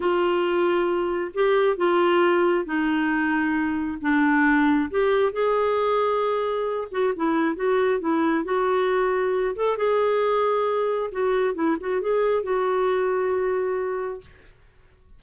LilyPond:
\new Staff \with { instrumentName = "clarinet" } { \time 4/4 \tempo 4 = 135 f'2. g'4 | f'2 dis'2~ | dis'4 d'2 g'4 | gis'2.~ gis'8 fis'8 |
e'4 fis'4 e'4 fis'4~ | fis'4. a'8 gis'2~ | gis'4 fis'4 e'8 fis'8 gis'4 | fis'1 | }